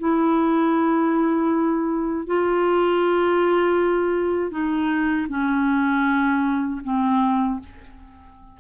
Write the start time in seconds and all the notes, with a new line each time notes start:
0.00 E4
2.27 F4
4.51 D#4
5.29 C#4
6.84 C4